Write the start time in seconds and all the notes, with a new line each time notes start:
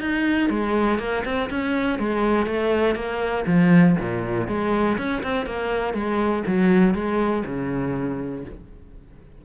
0.00 D#4
0.49 G#3
0.98 A#3
1.24 C4
1.50 C#4
1.98 G#3
2.46 A3
2.95 A#3
3.46 F3
3.99 A#2
4.47 G#3
4.97 C#4
5.22 C4
5.45 A#3
5.93 G#3
6.46 F#3
6.94 G#3
7.45 C#3